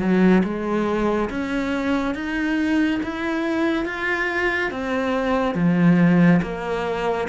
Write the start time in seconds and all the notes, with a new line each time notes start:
0.00 F#3
0.44 G#3
1.30 C#4
2.15 D#4
3.04 E4
3.86 F4
4.71 C4
5.55 F3
6.42 A#3